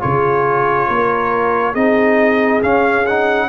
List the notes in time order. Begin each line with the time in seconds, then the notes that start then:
0.00 C#3 F4 G#4 C#5
0.87 A#3 A#4
1.72 C4 D#4 G#4 D#5
2.62 C#4 F5
3.06 D#4 F#5